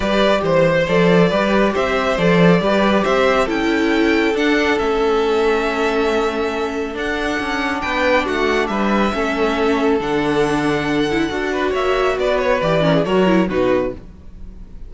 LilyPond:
<<
  \new Staff \with { instrumentName = "violin" } { \time 4/4 \tempo 4 = 138 d''4 c''4 d''2 | e''4 d''2 e''4 | g''2 fis''4 e''4~ | e''1 |
fis''2 g''4 fis''4 | e''2. fis''4~ | fis''2. e''4 | d''8 cis''8 d''4 cis''4 b'4 | }
  \new Staff \with { instrumentName = "violin" } { \time 4/4 b'4 c''2 b'4 | c''2 b'4 c''4 | a'1~ | a'1~ |
a'2 b'4 fis'4 | b'4 a'2.~ | a'2~ a'8 b'8 cis''4 | b'4. ais'16 gis'16 ais'4 fis'4 | }
  \new Staff \with { instrumentName = "viola" } { \time 4/4 g'2 a'4 g'4~ | g'4 a'4 g'2 | e'2 d'4 cis'4~ | cis'1 |
d'1~ | d'4 cis'2 d'4~ | d'4. e'8 fis'2~ | fis'4 g'8 cis'8 fis'8 e'8 dis'4 | }
  \new Staff \with { instrumentName = "cello" } { \time 4/4 g4 e4 f4 g4 | c'4 f4 g4 c'4 | cis'2 d'4 a4~ | a1 |
d'4 cis'4 b4 a4 | g4 a2 d4~ | d2 d'4 ais4 | b4 e4 fis4 b,4 | }
>>